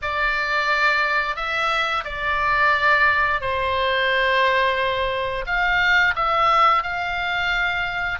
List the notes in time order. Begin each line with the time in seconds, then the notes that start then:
0.02 D5
1.35 E5
2.04 D5
3.40 C5
5.46 F5
6.15 E5
6.82 F5